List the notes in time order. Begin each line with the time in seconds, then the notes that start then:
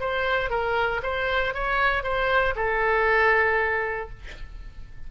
0.00 C5
0.50 A#4
1.03 C5
1.54 C#5
2.03 C5
2.56 A4